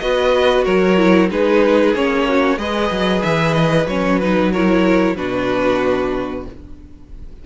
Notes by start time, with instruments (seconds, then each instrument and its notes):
0.00 cello B3, viola F#4, violin B4 D#5
0.65 cello F#3, violin A#4 C#5
0.97 viola E4
1.31 cello G#3, viola D#4, violin G#4 B4
1.95 cello A#3, viola C#4, violin C#5
2.29 violin F#4
2.58 cello G#3, viola G#4, violin B4 D#5
2.91 cello F#3
3.23 cello E3, violin E5
3.54 violin D#5
3.87 cello F#3, viola C#4, violin C#5
4.20 viola D#4, violin B4
4.52 viola E4, violin A#4 C#5
5.17 cello B2, viola D4, violin F#4 B4